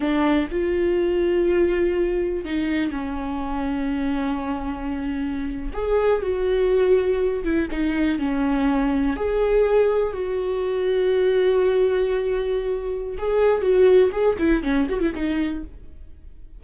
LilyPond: \new Staff \with { instrumentName = "viola" } { \time 4/4 \tempo 4 = 123 d'4 f'2.~ | f'4 dis'4 cis'2~ | cis'2.~ cis'8. gis'16~ | gis'8. fis'2~ fis'8 e'8 dis'16~ |
dis'8. cis'2 gis'4~ gis'16~ | gis'8. fis'2.~ fis'16~ | fis'2. gis'4 | fis'4 gis'8 e'8 cis'8 fis'16 e'16 dis'4 | }